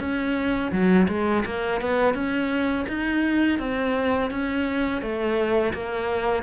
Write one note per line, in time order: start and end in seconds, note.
0.00 0.71 C#4
0.72 1.07 F#3
1.09 1.44 G#3
1.46 1.81 A#3
1.81 2.15 B3
2.15 2.86 C#4
2.89 3.59 D#4
3.59 4.31 C4
4.31 5.02 C#4
5.02 5.73 A3
5.74 6.43 A#3